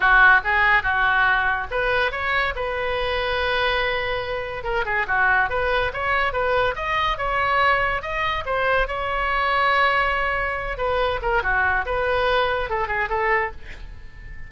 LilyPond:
\new Staff \with { instrumentName = "oboe" } { \time 4/4 \tempo 4 = 142 fis'4 gis'4 fis'2 | b'4 cis''4 b'2~ | b'2. ais'8 gis'8 | fis'4 b'4 cis''4 b'4 |
dis''4 cis''2 dis''4 | c''4 cis''2.~ | cis''4. b'4 ais'8 fis'4 | b'2 a'8 gis'8 a'4 | }